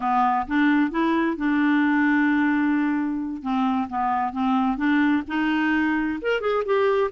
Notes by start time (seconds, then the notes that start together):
0.00 B3
0.47 D4
0.91 E4
1.36 D4
3.42 C4
3.89 B3
4.32 C4
4.77 D4
5.27 D#4
6.21 A#4
6.40 G#4
6.65 G4